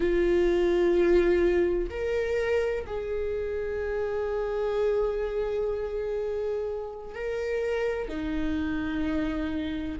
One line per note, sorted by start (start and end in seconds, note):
0.00 1.89 F4
1.90 2.85 A#4
2.86 7.14 G#4
7.14 8.08 A#4
8.08 9.99 D#4